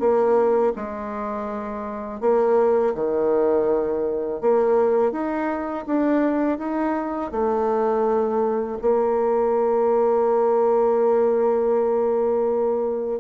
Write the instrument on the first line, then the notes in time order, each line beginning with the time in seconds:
bassoon
0.00 A#3
0.76 G#3
2.21 A#3
2.95 D#3
4.41 A#3
5.12 D#4
5.87 D4
6.59 D#4
7.32 A3
8.82 A#3